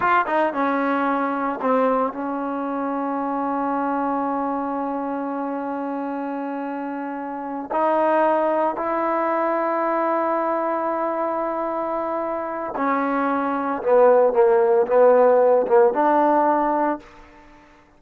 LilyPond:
\new Staff \with { instrumentName = "trombone" } { \time 4/4 \tempo 4 = 113 f'8 dis'8 cis'2 c'4 | cis'1~ | cis'1~ | cis'2~ cis'8 dis'4.~ |
dis'8 e'2.~ e'8~ | e'1 | cis'2 b4 ais4 | b4. ais8 d'2 | }